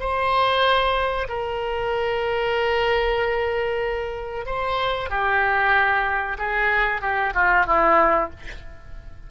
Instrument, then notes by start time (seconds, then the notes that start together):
oboe
0.00 C5
1.29 A#4
4.46 C5
5.10 G4
6.38 G#4
7.02 G4
7.34 F4
7.67 E4